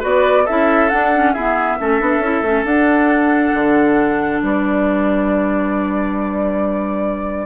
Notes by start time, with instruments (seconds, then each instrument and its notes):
0.00 bassoon B3, clarinet F#4, oboe B4, flute D5
0.45 bassoon C#4, clarinet E4, oboe A4, flute E5
0.90 clarinet D4, bassoon D4, flute F#5
1.15 clarinet C#4
1.33 clarinet B3, bassoon E4, oboe G#4, flute E5
1.80 bassoon A3, clarinet C#4, oboe A4
2.00 bassoon B3, clarinet D4
2.20 bassoon C#4, clarinet E4
2.42 bassoon A3, clarinet C#4
2.64 bassoon D4, clarinet D4, flute F#5
3.54 bassoon D3
4.43 bassoon G3, oboe B4, flute D5